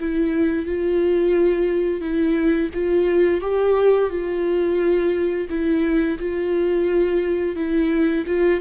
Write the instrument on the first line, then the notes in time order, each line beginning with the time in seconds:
viola
0.00 E4
0.66 F4
2.01 E4
2.74 F4
3.41 G4
4.10 F4
5.50 E4
6.19 F4
7.56 E4
8.27 F4